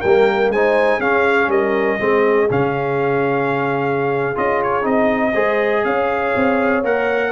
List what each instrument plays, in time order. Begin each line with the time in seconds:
0.00 tuba G3, horn A#4, trumpet G5
0.07 trombone A#3
0.50 tuba G#3, trombone D#4, horn C5, trumpet G#5
0.99 tuba C#4, trombone C#4, horn G#4, trumpet F5
1.48 tuba G3, horn A#4, trumpet D#5
2.00 tuba G#3, trombone C4, horn G#4
2.50 tuba C#3, trombone C#4, trumpet F5
4.36 tuba C#4, trombone F4, trumpet D#5
4.63 trumpet C#5
4.83 tuba C4, trombone D#4, trumpet D#5
5.34 tuba G#3, trombone G#4, horn C5
5.85 tuba C#4, horn C#5, trumpet F5
6.36 tuba C4
6.84 tuba A#3, trombone A#4, trumpet F#5